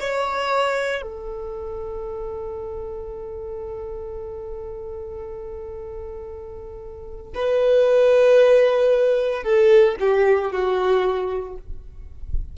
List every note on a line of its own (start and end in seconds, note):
0.00 1.02 C#5
1.02 7.33 A4
7.35 9.44 B4
9.44 9.96 A4
10.00 10.52 G4
10.52 11.57 F#4